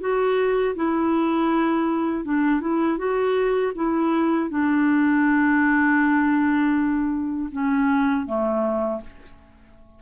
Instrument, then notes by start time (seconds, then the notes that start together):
clarinet
0.00 F#4
0.75 E4
2.24 D4
2.60 E4
2.98 F#4
3.75 E4
4.50 D4
7.52 C#4
8.26 A3